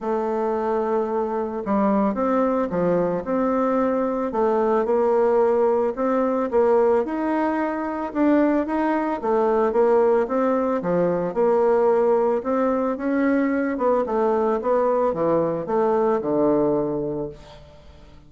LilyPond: \new Staff \with { instrumentName = "bassoon" } { \time 4/4 \tempo 4 = 111 a2. g4 | c'4 f4 c'2 | a4 ais2 c'4 | ais4 dis'2 d'4 |
dis'4 a4 ais4 c'4 | f4 ais2 c'4 | cis'4. b8 a4 b4 | e4 a4 d2 | }